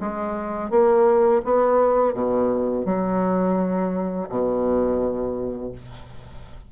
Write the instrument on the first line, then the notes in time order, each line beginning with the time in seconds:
bassoon
0.00 G#3
0.70 A#3
1.45 B3
2.14 B2
2.85 F#3
4.29 B2